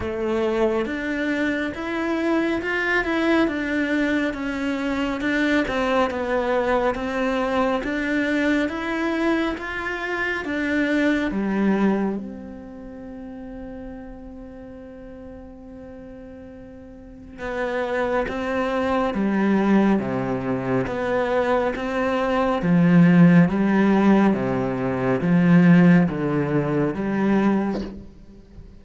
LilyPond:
\new Staff \with { instrumentName = "cello" } { \time 4/4 \tempo 4 = 69 a4 d'4 e'4 f'8 e'8 | d'4 cis'4 d'8 c'8 b4 | c'4 d'4 e'4 f'4 | d'4 g4 c'2~ |
c'1 | b4 c'4 g4 c4 | b4 c'4 f4 g4 | c4 f4 d4 g4 | }